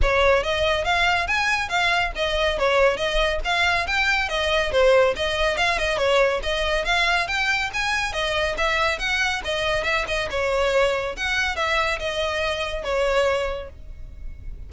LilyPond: \new Staff \with { instrumentName = "violin" } { \time 4/4 \tempo 4 = 140 cis''4 dis''4 f''4 gis''4 | f''4 dis''4 cis''4 dis''4 | f''4 g''4 dis''4 c''4 | dis''4 f''8 dis''8 cis''4 dis''4 |
f''4 g''4 gis''4 dis''4 | e''4 fis''4 dis''4 e''8 dis''8 | cis''2 fis''4 e''4 | dis''2 cis''2 | }